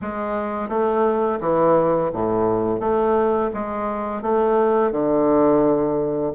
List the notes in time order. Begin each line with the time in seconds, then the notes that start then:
0.01 G#3
0.68 A3
1.40 E3
2.13 A2
2.79 A3
3.53 G#3
4.22 A3
4.91 D3